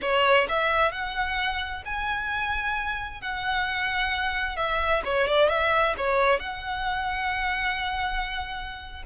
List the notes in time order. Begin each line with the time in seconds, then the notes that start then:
0.01 C#5
0.48 E5
0.91 F#5
1.85 G#5
3.21 F#5
4.56 E5
5.04 C#5
5.27 D5
5.48 E5
5.97 C#5
6.39 F#5